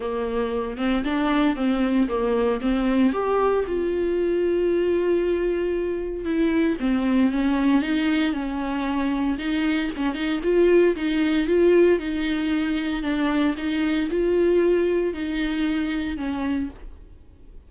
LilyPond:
\new Staff \with { instrumentName = "viola" } { \time 4/4 \tempo 4 = 115 ais4. c'8 d'4 c'4 | ais4 c'4 g'4 f'4~ | f'1 | e'4 c'4 cis'4 dis'4 |
cis'2 dis'4 cis'8 dis'8 | f'4 dis'4 f'4 dis'4~ | dis'4 d'4 dis'4 f'4~ | f'4 dis'2 cis'4 | }